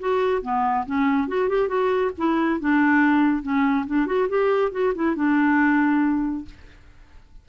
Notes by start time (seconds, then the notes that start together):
0.00 F#4
0.43 B3
0.87 C#4
1.28 F#4
1.49 G4
1.69 F#4
2.18 E4
2.61 D4
3.43 C#4
3.87 D4
4.07 F#4
4.29 G4
4.72 F#4
4.95 E4
5.16 D4